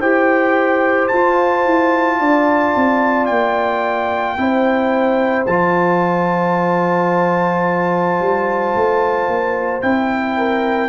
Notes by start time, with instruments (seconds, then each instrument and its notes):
0.00 tuba E4, trombone G4, horn C5, trumpet G5
1.08 trombone F4, tuba F4, trumpet A5
1.66 tuba E4
2.20 tuba D4, horn D5
2.76 tuba C4
3.26 tuba A#3, trumpet G5
4.37 tuba C4, trombone E4, horn C5
5.46 tuba F3, trombone F4, trumpet A5
8.20 tuba G3
8.75 tuba A3
9.28 tuba A#3
9.82 tuba C4, trombone E4, trumpet G5
10.37 horn A#4